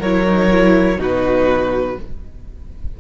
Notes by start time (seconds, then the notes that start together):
0.00 F#3 E4 A#4 C#5
0.26 D#4
0.51 E4
0.98 B2 D#4 F#4 B4